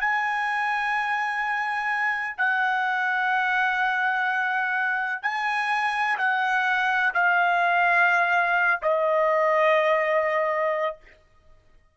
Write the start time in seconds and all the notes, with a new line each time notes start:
0.00 G#5
2.37 F#5
5.22 G#5
6.18 F#5
7.14 F5
8.82 D#5